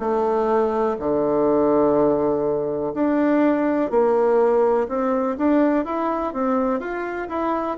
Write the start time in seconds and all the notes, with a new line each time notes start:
0.00 A3
1.00 D3
2.95 D4
3.91 A#3
4.89 C4
5.38 D4
5.85 E4
6.33 C4
6.80 F4
7.29 E4